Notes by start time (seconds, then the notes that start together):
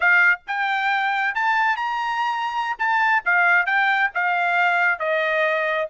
0.00 F5
0.47 G5
1.34 A5
1.76 A#5
2.78 A5
3.25 F5
3.65 G5
4.14 F5
4.99 D#5